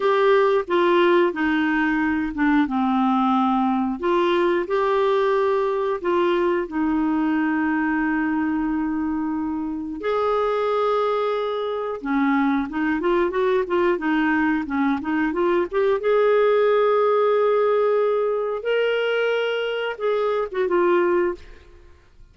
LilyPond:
\new Staff \with { instrumentName = "clarinet" } { \time 4/4 \tempo 4 = 90 g'4 f'4 dis'4. d'8 | c'2 f'4 g'4~ | g'4 f'4 dis'2~ | dis'2. gis'4~ |
gis'2 cis'4 dis'8 f'8 | fis'8 f'8 dis'4 cis'8 dis'8 f'8 g'8 | gis'1 | ais'2 gis'8. fis'16 f'4 | }